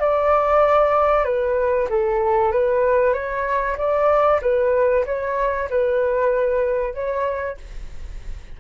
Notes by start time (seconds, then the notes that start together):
0.00 D5
1.25 B4
1.89 A4
2.52 B4
3.14 C#5
3.78 D5
4.42 B4
5.06 C#5
5.70 B4
6.94 C#5